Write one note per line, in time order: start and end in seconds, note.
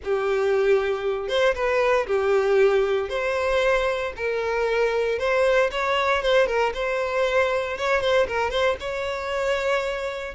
0.04 1.28 G4
1.28 1.54 C5
1.54 2.06 B4
2.06 3.09 G4
3.09 4.12 C5
4.16 5.18 A#4
5.18 5.70 C5
5.71 6.22 C#5
6.22 6.47 C5
6.47 6.72 A#4
6.74 7.77 C5
7.77 8.00 C#5
8.00 8.26 C5
8.27 8.50 A#4
8.50 8.76 C5
8.80 10.34 C#5